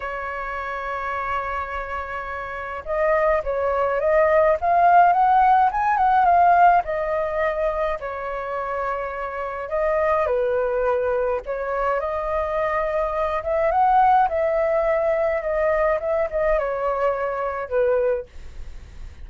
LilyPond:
\new Staff \with { instrumentName = "flute" } { \time 4/4 \tempo 4 = 105 cis''1~ | cis''4 dis''4 cis''4 dis''4 | f''4 fis''4 gis''8 fis''8 f''4 | dis''2 cis''2~ |
cis''4 dis''4 b'2 | cis''4 dis''2~ dis''8 e''8 | fis''4 e''2 dis''4 | e''8 dis''8 cis''2 b'4 | }